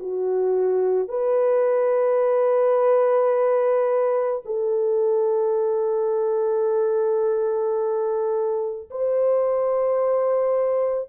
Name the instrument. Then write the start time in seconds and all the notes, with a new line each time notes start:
horn
0.00 F#4
1.09 B4
4.45 A4
8.91 C5